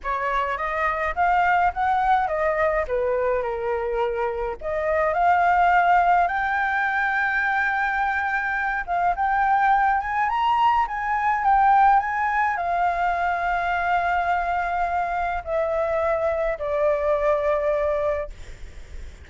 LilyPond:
\new Staff \with { instrumentName = "flute" } { \time 4/4 \tempo 4 = 105 cis''4 dis''4 f''4 fis''4 | dis''4 b'4 ais'2 | dis''4 f''2 g''4~ | g''2.~ g''8 f''8 |
g''4. gis''8 ais''4 gis''4 | g''4 gis''4 f''2~ | f''2. e''4~ | e''4 d''2. | }